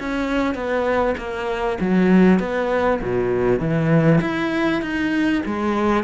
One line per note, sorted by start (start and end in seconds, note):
0.00 0.55 C#4
0.55 1.15 B3
1.18 1.79 A#3
1.81 2.40 F#3
2.40 3.01 B3
3.02 3.60 B2
3.60 4.20 E3
4.21 4.82 E4
4.82 5.43 D#4
5.46 6.04 G#3